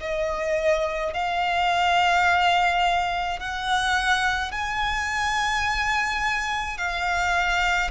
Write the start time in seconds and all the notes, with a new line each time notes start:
0.00 D#5
1.14 F5
3.39 F#5
4.52 G#5
6.77 F5